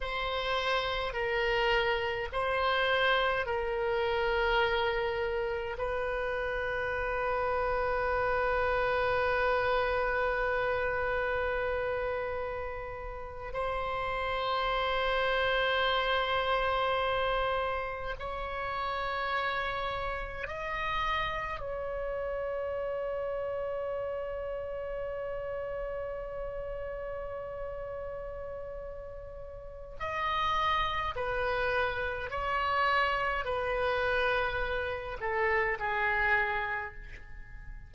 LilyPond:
\new Staff \with { instrumentName = "oboe" } { \time 4/4 \tempo 4 = 52 c''4 ais'4 c''4 ais'4~ | ais'4 b'2.~ | b'2.~ b'8. c''16~ | c''2.~ c''8. cis''16~ |
cis''4.~ cis''16 dis''4 cis''4~ cis''16~ | cis''1~ | cis''2 dis''4 b'4 | cis''4 b'4. a'8 gis'4 | }